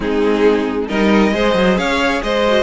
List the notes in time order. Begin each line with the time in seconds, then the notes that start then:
0.00 G#3 C4 D#4 G#4
0.88 G3 D#4 A#4 D#5
1.32 G#3 G#4 C5
1.55 F#3
1.77 C#4 C#5 F5
2.23 G#3 C5 D#5
2.47 F#4